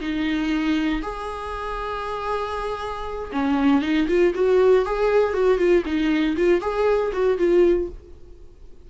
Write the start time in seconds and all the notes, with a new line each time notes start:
0.00 D#4
1.02 G#4
3.32 C#4
3.81 D#4
4.07 F4
4.34 F#4
4.85 G#4
5.33 F#4
5.58 F4
5.85 D#4
6.36 F4
6.61 G#4
7.12 F#4
7.37 F4